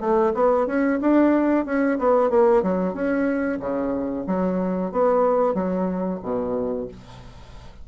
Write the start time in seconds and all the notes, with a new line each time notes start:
0.00 A3
0.34 B3
0.67 C#4
1.01 D4
1.65 C#4
1.98 B3
2.30 A#3
2.63 F#3
2.94 C#4
3.60 C#3
4.26 F#3
4.92 B3
5.54 F#3
6.23 B2